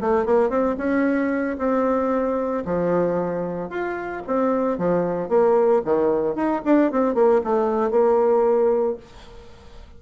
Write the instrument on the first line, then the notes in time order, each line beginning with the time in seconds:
bassoon
0.00 A3
0.25 A#3
0.49 C4
0.77 C#4
1.58 C4
2.65 F3
3.69 F4
4.26 C4
4.78 F3
5.28 A#3
5.85 D#3
6.35 D#4
6.65 D4
6.91 C4
7.14 A#3
7.44 A3
7.90 A#3